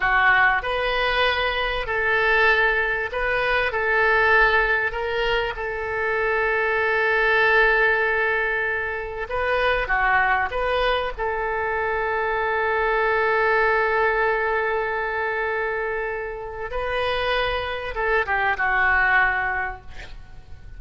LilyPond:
\new Staff \with { instrumentName = "oboe" } { \time 4/4 \tempo 4 = 97 fis'4 b'2 a'4~ | a'4 b'4 a'2 | ais'4 a'2.~ | a'2. b'4 |
fis'4 b'4 a'2~ | a'1~ | a'2. b'4~ | b'4 a'8 g'8 fis'2 | }